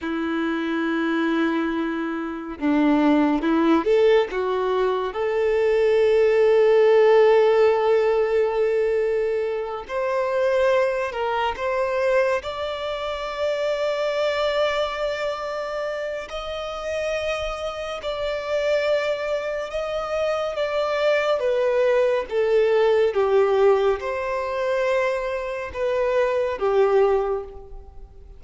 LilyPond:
\new Staff \with { instrumentName = "violin" } { \time 4/4 \tempo 4 = 70 e'2. d'4 | e'8 a'8 fis'4 a'2~ | a'2.~ a'8 c''8~ | c''4 ais'8 c''4 d''4.~ |
d''2. dis''4~ | dis''4 d''2 dis''4 | d''4 b'4 a'4 g'4 | c''2 b'4 g'4 | }